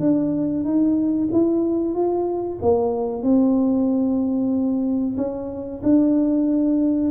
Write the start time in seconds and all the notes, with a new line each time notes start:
0.00 D4
0.64 D#4
1.32 E4
1.94 F4
2.62 A#3
3.23 C4
5.17 C#4
5.83 D4